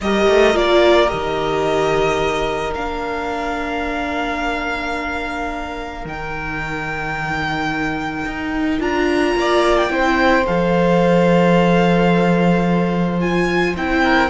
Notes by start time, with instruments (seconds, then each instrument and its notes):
0.01 cello G3, viola G4, violin A#4 D#5
0.28 cello A3
0.53 cello A#3, viola F4, violin D5
1.06 viola G4, violin D#5
1.12 cello D#3
2.75 cello A#3, viola D4, violin F5
6.04 cello D#3, viola D#4, violin G5
8.25 cello D#4
8.79 cello D4, viola F4, violin A#5
9.35 cello A#3, violin D5
9.77 violin G5
9.89 cello C4, viola E4, violin C5
10.46 cello F3, viola A4, violin F5
13.20 viola F4, violin G#5
13.76 cello C4, viola E4, violin G5
14.03 violin A#4